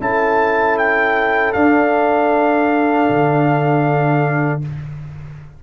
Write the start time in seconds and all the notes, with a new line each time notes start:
0.00 C#4 E4 A4 A5
0.78 G5
1.52 D4 F5
3.09 D3